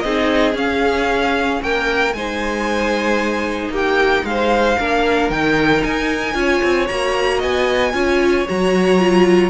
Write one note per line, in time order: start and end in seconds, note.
0.00 0.54 C4
0.00 0.53 D#4
0.00 1.62 G#4
0.00 0.53 D#5
0.53 2.11 C#4
0.53 1.60 C#4
0.53 1.62 F5
1.62 2.14 A#3
1.62 2.16 A#4
1.62 2.13 G5
2.13 3.69 G#3
2.13 4.79 D#4
2.13 3.72 C5
2.13 3.71 G#5
3.69 4.22 A#3
3.69 4.25 G4
3.75 4.25 G5
4.23 4.76 G#3
4.23 5.30 F5
4.30 4.78 C5
4.78 5.30 A#3
4.78 5.32 D4
4.78 6.36 A#4
5.30 5.82 D#3
5.30 6.34 D#4
5.30 5.83 G5
5.83 6.34 D#4
5.83 6.87 G#5
6.34 6.61 C#4
6.34 6.87 F4
6.34 7.37 C#5
6.63 6.89 C4
6.87 7.43 A#3
6.87 7.93 F#4
6.87 7.40 A#5
7.37 7.93 B3
7.37 7.90 D#5
7.37 8.48 G#5
7.93 8.46 C#4
7.93 8.45 F4
7.93 9.50 C#5
8.48 9.50 F#3
8.48 8.99 F#4
8.48 9.50 A#5
8.99 9.50 F4